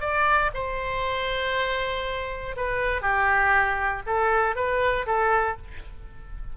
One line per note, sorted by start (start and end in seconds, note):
0.00 0.50 D5
0.54 2.56 C5
2.56 3.01 B4
3.01 4.02 G4
4.06 4.55 A4
4.55 5.06 B4
5.06 5.56 A4